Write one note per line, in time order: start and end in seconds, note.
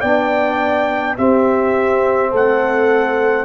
0.00 1.18 B3
0.00 1.18 D4
0.00 1.15 D5
0.00 1.16 G5
1.18 3.45 C4
1.18 2.34 C4
1.18 2.31 G4
1.18 2.33 E5
2.31 3.45 A3
2.31 3.45 A4
2.31 3.45 F#5